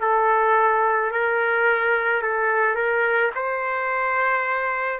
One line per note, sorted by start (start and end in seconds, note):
0.00 1.11 A4
1.11 2.22 A#4
2.22 2.75 A4
2.75 3.30 A#4
3.35 4.99 C5